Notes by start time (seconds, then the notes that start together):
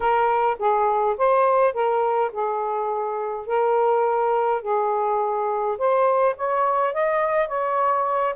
0.00 A#4
0.58 G#4
1.17 C5
1.73 A#4
2.32 G#4
3.46 A#4
4.62 G#4
5.77 C5
6.36 C#5
6.93 D#5
7.48 C#5